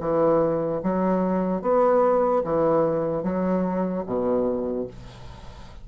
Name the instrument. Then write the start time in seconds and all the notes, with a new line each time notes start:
bassoon
0.00 E3
0.83 F#3
1.61 B3
2.44 E3
3.22 F#3
4.06 B2